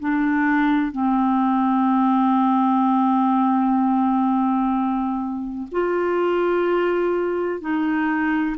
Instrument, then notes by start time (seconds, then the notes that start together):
clarinet
0.00 D4
0.92 C4
5.72 F4
7.61 D#4